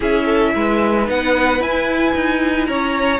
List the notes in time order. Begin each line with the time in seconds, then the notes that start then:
0.00 C#4 E4 G#4 E5
0.25 A4
0.54 G#3 B4
1.05 B3 D#4 F#5
1.58 E4 G#5
2.14 D#4
2.66 C#4 C#5 A#5